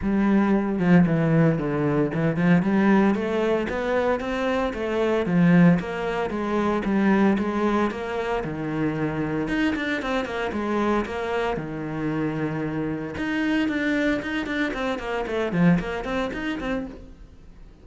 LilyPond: \new Staff \with { instrumentName = "cello" } { \time 4/4 \tempo 4 = 114 g4. f8 e4 d4 | e8 f8 g4 a4 b4 | c'4 a4 f4 ais4 | gis4 g4 gis4 ais4 |
dis2 dis'8 d'8 c'8 ais8 | gis4 ais4 dis2~ | dis4 dis'4 d'4 dis'8 d'8 | c'8 ais8 a8 f8 ais8 c'8 dis'8 c'8 | }